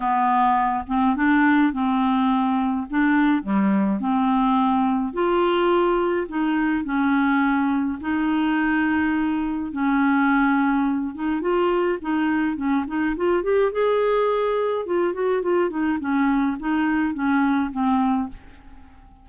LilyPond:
\new Staff \with { instrumentName = "clarinet" } { \time 4/4 \tempo 4 = 105 b4. c'8 d'4 c'4~ | c'4 d'4 g4 c'4~ | c'4 f'2 dis'4 | cis'2 dis'2~ |
dis'4 cis'2~ cis'8 dis'8 | f'4 dis'4 cis'8 dis'8 f'8 g'8 | gis'2 f'8 fis'8 f'8 dis'8 | cis'4 dis'4 cis'4 c'4 | }